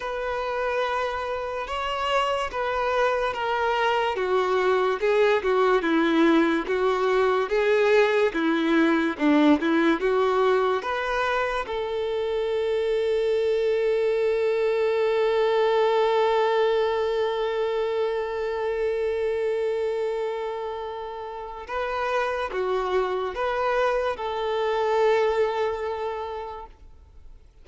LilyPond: \new Staff \with { instrumentName = "violin" } { \time 4/4 \tempo 4 = 72 b'2 cis''4 b'4 | ais'4 fis'4 gis'8 fis'8 e'4 | fis'4 gis'4 e'4 d'8 e'8 | fis'4 b'4 a'2~ |
a'1~ | a'1~ | a'2 b'4 fis'4 | b'4 a'2. | }